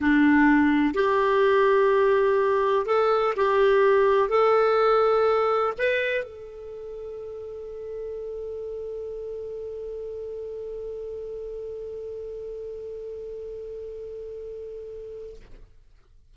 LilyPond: \new Staff \with { instrumentName = "clarinet" } { \time 4/4 \tempo 4 = 125 d'2 g'2~ | g'2 a'4 g'4~ | g'4 a'2. | b'4 a'2.~ |
a'1~ | a'1~ | a'1~ | a'1 | }